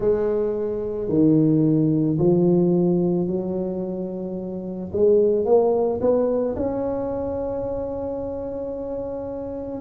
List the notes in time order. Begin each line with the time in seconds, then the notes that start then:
0.00 G#3
1.09 D#3
2.18 F3
3.27 F#3
4.92 G#3
5.45 A#3
6.00 B3
6.56 C#4